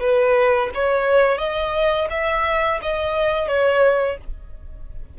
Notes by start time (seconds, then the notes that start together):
0.00 B4
0.75 C#5
1.38 D#5
2.10 E5
2.82 D#5
3.48 C#5